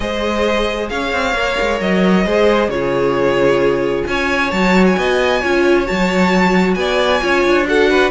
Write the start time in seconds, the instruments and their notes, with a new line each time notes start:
0.00 cello G#3, viola G#4, violin C5 D#5
0.89 cello C#4, violin C#5 F5
1.12 cello C4
1.34 cello A#3, viola A#4
1.60 cello G#3
1.80 cello F#3, violin D#5
2.25 cello G#3, viola G#4, violin C5
2.68 cello C#3, viola F4, violin C#5
2.74 violin G#4
4.07 cello C#4, violin C#5 G#5
4.51 cello F#3, viola F#4, violin A5
4.85 violin G#5
4.97 cello B3, violin D#5
5.40 cello C#4, viola F4, violin C#5
5.85 cello F#3, viola F#4, violin A5
6.74 cello B3, violin D5 G#5
7.20 cello C#4, viola F4, violin C#5
7.44 cello D4
7.67 viola F#4, violin A4 F#5
7.89 violin B4